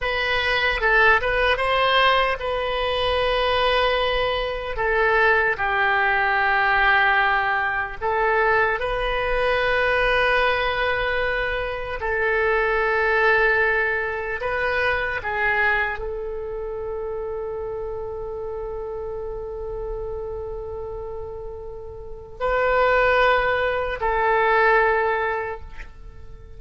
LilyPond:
\new Staff \with { instrumentName = "oboe" } { \time 4/4 \tempo 4 = 75 b'4 a'8 b'8 c''4 b'4~ | b'2 a'4 g'4~ | g'2 a'4 b'4~ | b'2. a'4~ |
a'2 b'4 gis'4 | a'1~ | a'1 | b'2 a'2 | }